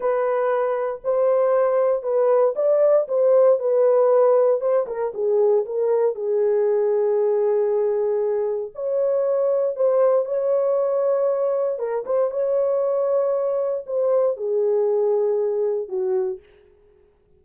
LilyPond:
\new Staff \with { instrumentName = "horn" } { \time 4/4 \tempo 4 = 117 b'2 c''2 | b'4 d''4 c''4 b'4~ | b'4 c''8 ais'8 gis'4 ais'4 | gis'1~ |
gis'4 cis''2 c''4 | cis''2. ais'8 c''8 | cis''2. c''4 | gis'2. fis'4 | }